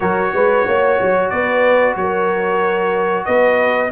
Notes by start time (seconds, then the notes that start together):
0.00 F#3 F#4 A#4 C#5
0.33 G#3 B4
0.66 A#3 C#5
1.01 F#3
1.29 B3 B4 D5
1.96 F#3 A#4 C#5
3.25 B3 B4 D#5